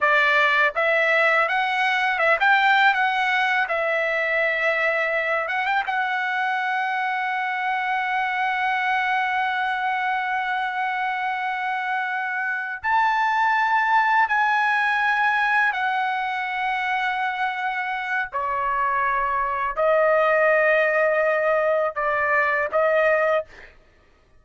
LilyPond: \new Staff \with { instrumentName = "trumpet" } { \time 4/4 \tempo 4 = 82 d''4 e''4 fis''4 e''16 g''8. | fis''4 e''2~ e''8 fis''16 g''16 | fis''1~ | fis''1~ |
fis''4. a''2 gis''8~ | gis''4. fis''2~ fis''8~ | fis''4 cis''2 dis''4~ | dis''2 d''4 dis''4 | }